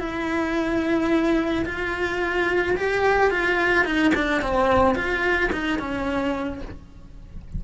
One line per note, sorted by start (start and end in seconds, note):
0.00 1.65 E4
1.65 2.75 F4
2.76 3.31 G4
3.31 3.85 F4
3.85 4.12 D#4
4.15 4.42 D4
4.42 4.95 C4
4.95 5.50 F4
5.52 5.79 D#4
5.79 6.62 C#4